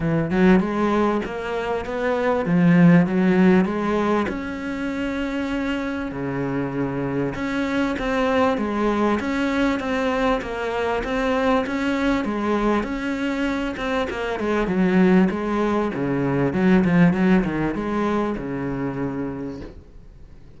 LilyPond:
\new Staff \with { instrumentName = "cello" } { \time 4/4 \tempo 4 = 98 e8 fis8 gis4 ais4 b4 | f4 fis4 gis4 cis'4~ | cis'2 cis2 | cis'4 c'4 gis4 cis'4 |
c'4 ais4 c'4 cis'4 | gis4 cis'4. c'8 ais8 gis8 | fis4 gis4 cis4 fis8 f8 | fis8 dis8 gis4 cis2 | }